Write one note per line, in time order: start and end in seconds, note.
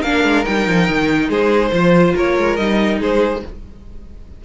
0.00 0.23 A#3
0.00 0.44 D4
0.00 1.28 A#4
0.00 0.44 F5
0.23 0.45 G#3
0.44 0.67 G3
0.44 1.71 D#4
0.44 1.29 G5
0.67 0.88 F3
0.88 1.28 D#3
1.28 1.71 G#3
1.28 1.71 G#4
1.28 2.15 C5
1.71 2.14 F3
1.71 2.58 F4
1.71 2.14 C5
2.15 2.36 A#3
2.15 2.99 A#4
2.15 2.56 C#5
2.37 2.58 G#3
2.56 3.00 G3
2.56 3.43 D#4
2.56 2.98 D#5
2.99 3.42 G#3
2.99 3.41 G#4
2.99 3.44 C5